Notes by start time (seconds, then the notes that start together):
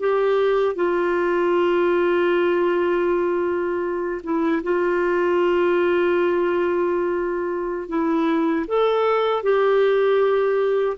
0.00 G4
0.76 F4
4.24 E4
4.63 F4
7.89 E4
8.68 A4
9.43 G4